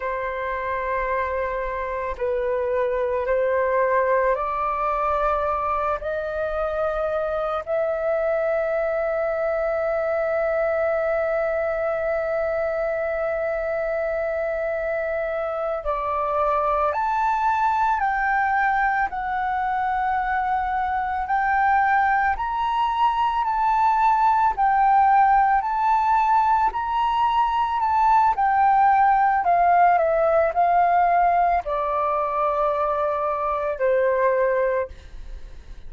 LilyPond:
\new Staff \with { instrumentName = "flute" } { \time 4/4 \tempo 4 = 55 c''2 b'4 c''4 | d''4. dis''4. e''4~ | e''1~ | e''2~ e''8 d''4 a''8~ |
a''8 g''4 fis''2 g''8~ | g''8 ais''4 a''4 g''4 a''8~ | a''8 ais''4 a''8 g''4 f''8 e''8 | f''4 d''2 c''4 | }